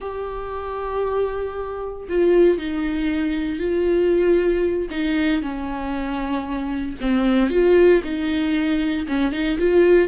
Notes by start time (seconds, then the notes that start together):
0.00 G4
2.08 F4
2.57 D#4
3.59 F4
4.90 D#4
5.41 C#4
7.00 C4
7.50 F4
8.03 D#4
9.07 C#4
9.32 D#4
9.58 F4